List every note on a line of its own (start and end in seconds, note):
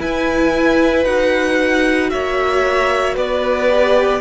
0.00 1.05 E4
0.00 2.11 B4
0.00 1.05 G#5
1.05 2.11 D#4
1.05 3.69 F#4
1.05 2.10 F#5
2.10 3.17 A#3
2.10 3.15 C#5
2.10 3.15 E5
3.15 4.21 B3
3.15 4.20 B4
3.15 4.21 D5
3.69 4.21 G4